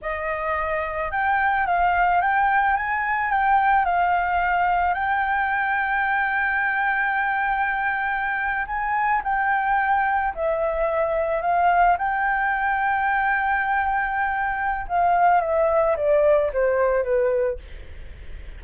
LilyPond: \new Staff \with { instrumentName = "flute" } { \time 4/4 \tempo 4 = 109 dis''2 g''4 f''4 | g''4 gis''4 g''4 f''4~ | f''4 g''2.~ | g''2.~ g''8. gis''16~ |
gis''8. g''2 e''4~ e''16~ | e''8. f''4 g''2~ g''16~ | g''2. f''4 | e''4 d''4 c''4 b'4 | }